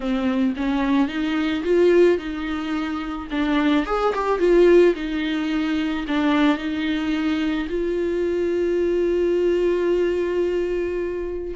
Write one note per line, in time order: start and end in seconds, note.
0.00 0.54 C4
0.56 1.08 C#4
1.08 1.63 D#4
1.64 2.17 F4
2.17 3.28 D#4
3.31 3.86 D4
3.86 4.13 G#4
4.14 4.39 G4
4.39 4.94 F4
4.95 6.05 D#4
6.07 6.57 D4
6.57 7.67 D#4
7.69 11.54 F4